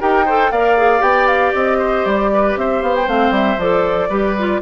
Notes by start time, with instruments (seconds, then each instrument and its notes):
0.00 bassoon D#4, clarinet G4, oboe A#4, flute G5
0.25 clarinet A4, oboe C5
0.51 bassoon A#3, clarinet A#4, oboe D5, flute F5
0.77 clarinet G#4
0.99 bassoon B3, clarinet G4, flute G5
1.27 flute F5
1.54 bassoon C4, flute D#5
1.78 oboe C5
2.05 bassoon G3, flute D5
2.33 oboe B4
2.57 bassoon C4, oboe C5, flute E5
2.82 bassoon B3, flute F5
2.96 flute G5
3.07 bassoon A3, clarinet C4, flute F5
3.30 bassoon G3, flute E5
3.58 bassoon F3, clarinet A4, flute D5
4.09 bassoon G3, clarinet G4, oboe B4
4.38 clarinet F4